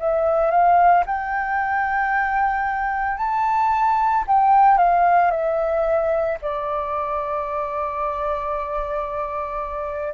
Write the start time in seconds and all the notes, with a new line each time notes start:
0.00 E5
0.51 F5
1.06 G5
3.18 A5
4.28 G5
4.78 F5
5.31 E5
6.42 D5